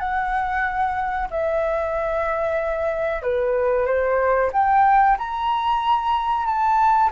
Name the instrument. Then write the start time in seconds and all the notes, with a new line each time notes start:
flute
0.00 F#5
1.31 E5
3.23 B4
3.86 C5
4.53 G5
5.18 A#5
6.46 A5